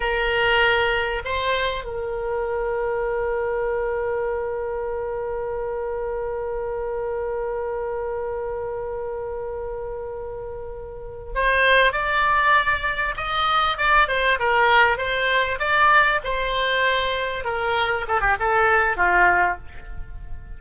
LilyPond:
\new Staff \with { instrumentName = "oboe" } { \time 4/4 \tempo 4 = 98 ais'2 c''4 ais'4~ | ais'1~ | ais'1~ | ais'1~ |
ais'2~ ais'8 c''4 d''8~ | d''4. dis''4 d''8 c''8 ais'8~ | ais'8 c''4 d''4 c''4.~ | c''8 ais'4 a'16 g'16 a'4 f'4 | }